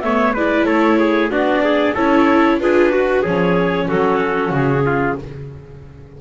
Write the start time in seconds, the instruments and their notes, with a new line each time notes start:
0.00 double bass A3, viola B3, trumpet C#5, clarinet E5
0.33 double bass G#3, viola E4, trumpet B4, clarinet D5
0.64 double bass A3, trumpet A4, clarinet C#5
0.98 trumpet G#4
1.29 double bass B3, viola D4, trumpet F#4, clarinet D5
1.63 trumpet G#4
1.94 double bass C#4, viola E4, trumpet A4, clarinet C#5
2.59 double bass D4, viola F4, trumpet G#4, clarinet B4
2.90 trumpet F#4, viola F#4
3.21 double bass F3, viola C#4, trumpet G#4, clarinet C#5
3.88 double bass F#3, trumpet F#4, clarinet A4
4.50 double bass C#3, clarinet G#4
4.85 trumpet F4